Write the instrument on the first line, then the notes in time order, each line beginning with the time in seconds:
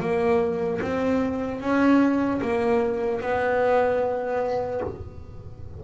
double bass
0.00 A#3
0.81 C4
1.61 C#4
2.42 A#3
3.21 B3